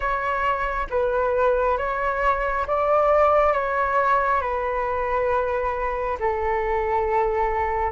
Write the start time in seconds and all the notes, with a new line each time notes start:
0.00 C#5
0.90 B4
1.77 C#5
2.67 D5
3.53 C#5
4.41 B4
6.19 A4